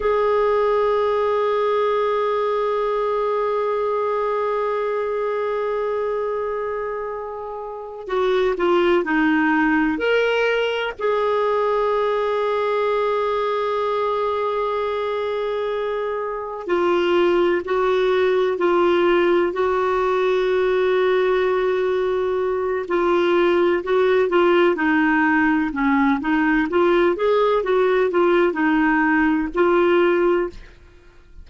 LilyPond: \new Staff \with { instrumentName = "clarinet" } { \time 4/4 \tempo 4 = 63 gis'1~ | gis'1~ | gis'8 fis'8 f'8 dis'4 ais'4 gis'8~ | gis'1~ |
gis'4. f'4 fis'4 f'8~ | f'8 fis'2.~ fis'8 | f'4 fis'8 f'8 dis'4 cis'8 dis'8 | f'8 gis'8 fis'8 f'8 dis'4 f'4 | }